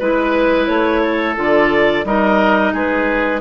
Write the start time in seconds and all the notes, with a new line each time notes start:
0.00 G#3 E4 B4
0.68 A3 C#5
1.03 A4
1.36 D3 F4 D5
2.05 G3 D#4 A#4 D#5
2.74 G#3 G#4 B4